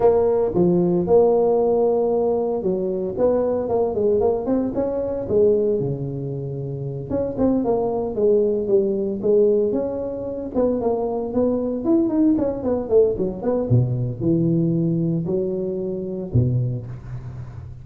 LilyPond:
\new Staff \with { instrumentName = "tuba" } { \time 4/4 \tempo 4 = 114 ais4 f4 ais2~ | ais4 fis4 b4 ais8 gis8 | ais8 c'8 cis'4 gis4 cis4~ | cis4. cis'8 c'8 ais4 gis8~ |
gis8 g4 gis4 cis'4. | b8 ais4 b4 e'8 dis'8 cis'8 | b8 a8 fis8 b8 b,4 e4~ | e4 fis2 b,4 | }